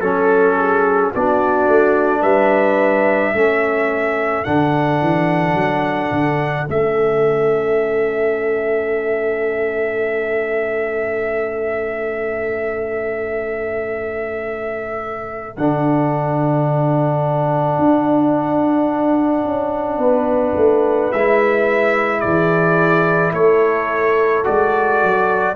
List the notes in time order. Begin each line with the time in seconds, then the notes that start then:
0.00 F#3 C#4 A4
0.56 G#4
1.12 B3 D4 F#4 D5
1.67 A3
2.21 G3 B4 E5
3.33 A3 C#4 A4
4.44 D3 D4 F#5
5.01 E3
5.54 F#3
6.11 D3
6.66 A3 C#4 E5
15.56 D3 D4 F#5
17.78 D4
19.44 C#4
19.97 B3 B4
20.56 A3
21.12 G#3 E4 E5
22.20 E3 G#4 D5
23.32 A3 A4 C#5
24.44 G#3 F#4 D5
25.02 F#3